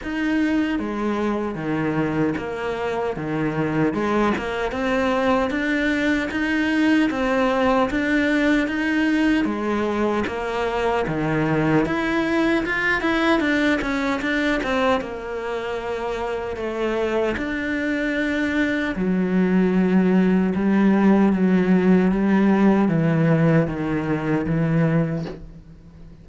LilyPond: \new Staff \with { instrumentName = "cello" } { \time 4/4 \tempo 4 = 76 dis'4 gis4 dis4 ais4 | dis4 gis8 ais8 c'4 d'4 | dis'4 c'4 d'4 dis'4 | gis4 ais4 dis4 e'4 |
f'8 e'8 d'8 cis'8 d'8 c'8 ais4~ | ais4 a4 d'2 | fis2 g4 fis4 | g4 e4 dis4 e4 | }